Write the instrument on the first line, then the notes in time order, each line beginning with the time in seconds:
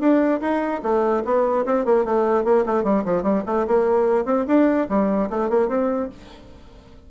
bassoon
0.00 D4
0.41 D#4
0.83 A3
1.25 B3
1.66 C4
1.85 A#3
2.05 A3
2.45 A#3
2.66 A3
2.84 G3
3.05 F3
3.23 G3
3.46 A3
3.67 A#3
4.25 C4
4.47 D4
4.89 G3
5.30 A3
5.50 A#3
5.69 C4